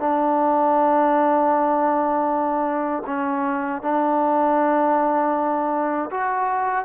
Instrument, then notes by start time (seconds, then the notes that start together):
trombone
0.00 D4
3.07 C#4
3.83 D4
6.11 F#4